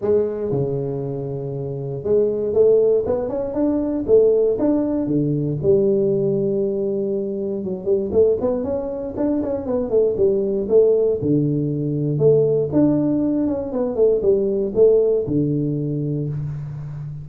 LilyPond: \new Staff \with { instrumentName = "tuba" } { \time 4/4 \tempo 4 = 118 gis4 cis2. | gis4 a4 b8 cis'8 d'4 | a4 d'4 d4 g4~ | g2. fis8 g8 |
a8 b8 cis'4 d'8 cis'8 b8 a8 | g4 a4 d2 | a4 d'4. cis'8 b8 a8 | g4 a4 d2 | }